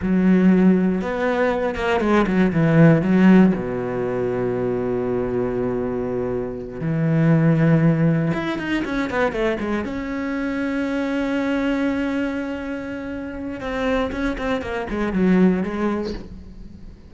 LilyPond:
\new Staff \with { instrumentName = "cello" } { \time 4/4 \tempo 4 = 119 fis2 b4. ais8 | gis8 fis8 e4 fis4 b,4~ | b,1~ | b,4. e2~ e8~ |
e8 e'8 dis'8 cis'8 b8 a8 gis8 cis'8~ | cis'1~ | cis'2. c'4 | cis'8 c'8 ais8 gis8 fis4 gis4 | }